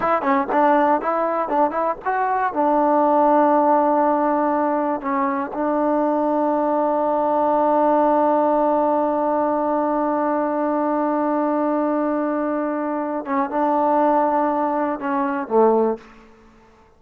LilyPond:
\new Staff \with { instrumentName = "trombone" } { \time 4/4 \tempo 4 = 120 e'8 cis'8 d'4 e'4 d'8 e'8 | fis'4 d'2.~ | d'2 cis'4 d'4~ | d'1~ |
d'1~ | d'1~ | d'2~ d'8 cis'8 d'4~ | d'2 cis'4 a4 | }